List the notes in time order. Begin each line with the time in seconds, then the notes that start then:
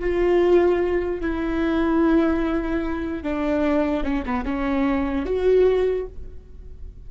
0.00 F4
1.21 E4
3.23 D4
4.04 C#4
4.25 B3
4.45 C#4
5.26 F#4